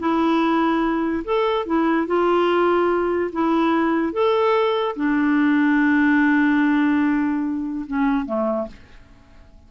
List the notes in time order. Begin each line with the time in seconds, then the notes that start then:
0.00 E4
1.25 A4
1.66 E4
2.07 F4
3.33 E4
4.13 A4
4.96 D4
7.87 C#4
8.26 A3